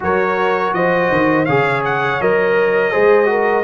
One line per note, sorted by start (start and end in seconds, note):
0.00 0.73 F#3
0.00 1.46 F#4
0.00 0.75 A#4
0.00 0.73 C#5
0.73 1.10 F3
0.73 1.46 C5
0.73 1.45 D#5
1.11 1.48 D#3
1.45 2.20 C#3
1.45 2.21 G#4
1.45 2.91 C#5
1.45 1.81 F5
1.84 2.21 F#5
2.20 2.93 F#3
2.20 2.91 A#4
2.20 3.64 D#5
2.91 3.64 G#3
2.91 3.25 G#4
2.91 3.28 C5
3.25 3.62 F#4
3.25 3.64 A#4